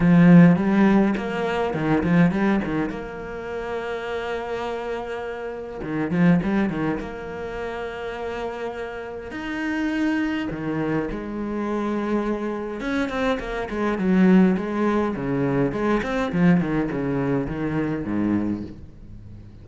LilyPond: \new Staff \with { instrumentName = "cello" } { \time 4/4 \tempo 4 = 103 f4 g4 ais4 dis8 f8 | g8 dis8 ais2.~ | ais2 dis8 f8 g8 dis8 | ais1 |
dis'2 dis4 gis4~ | gis2 cis'8 c'8 ais8 gis8 | fis4 gis4 cis4 gis8 c'8 | f8 dis8 cis4 dis4 gis,4 | }